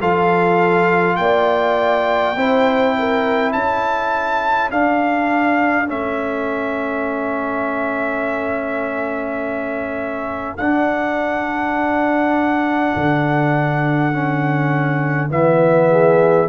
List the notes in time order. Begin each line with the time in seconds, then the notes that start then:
0.00 F3 F4 A4 F5
1.15 A#3 D5 G5
2.36 C4 E4 C5
2.98 A#4
3.52 C#4 A4 A5
4.71 D4 F5
5.86 A3 C#4 E5
10.57 D4 F#5
12.95 D3
14.12 C#4
15.29 E3 B3 E5
15.90 G#4